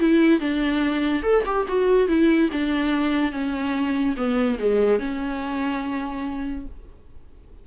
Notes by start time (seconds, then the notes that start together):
0.00 E4
0.41 D4
1.23 A4
1.46 G4
1.68 F#4
2.08 E4
2.52 D4
3.32 C#4
4.17 B3
4.59 G#3
5.00 C#4